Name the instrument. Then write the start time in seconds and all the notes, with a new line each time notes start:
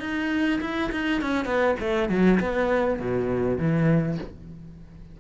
cello
0.00 D#4
0.61 E4
0.92 D#4
1.22 C#4
1.46 B3
1.79 A3
2.09 F#3
2.40 B3
3.00 B2
3.58 E3